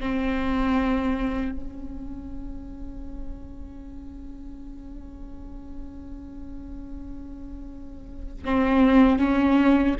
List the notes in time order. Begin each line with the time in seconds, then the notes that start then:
0.00 C4
1.51 C#4
8.45 C4
9.19 C#4